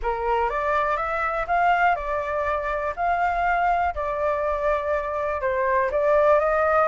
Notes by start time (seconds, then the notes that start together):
0.02 A#4
0.49 D5
0.97 E5
1.47 F5
1.95 D5
2.96 F5
3.94 D5
5.41 C5
5.91 D5
6.39 D#5